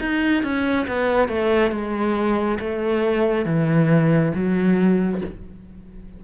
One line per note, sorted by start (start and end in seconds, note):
0.00 0.43 D#4
0.43 0.87 C#4
0.87 1.28 B3
1.28 1.71 A3
1.71 2.58 G#3
2.60 3.45 A3
3.45 4.32 E3
4.34 5.21 F#3